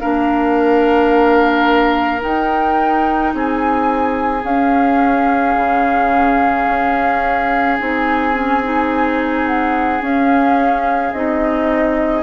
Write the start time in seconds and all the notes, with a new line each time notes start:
0.00 A#3 D4 A#4 F5
2.20 D#4 G5
3.34 C4 G#4 G#5
4.44 C#4 F5
5.56 C#3
6.68 C#4
7.79 C4 D#4 G#5
8.34 C#4
8.64 D#4
9.47 F#5
10.01 C#4 F5
11.13 C4 D#4 D#5